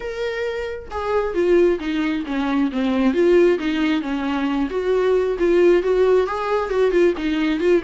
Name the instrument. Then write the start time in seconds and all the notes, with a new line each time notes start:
viola
0.00 A#4
0.90 G#4
1.34 F4
1.79 D#4
2.26 C#4
2.71 C4
3.13 F4
3.58 D#4
4.01 C#4
4.70 F#4
5.38 F4
5.82 F#4
6.26 G#4
6.69 F#4
6.91 F4
7.17 D#4
7.60 F4